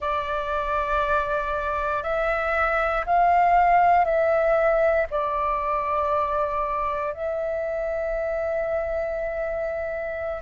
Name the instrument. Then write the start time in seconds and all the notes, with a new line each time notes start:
flute
0.00 D5
2.03 E5
3.06 F5
4.04 E5
5.10 D5
7.13 E5